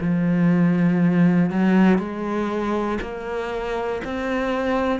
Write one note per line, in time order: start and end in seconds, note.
0.00 1.50 F3
1.50 1.98 F#3
1.98 2.98 G#3
3.01 4.01 A#3
4.04 5.00 C4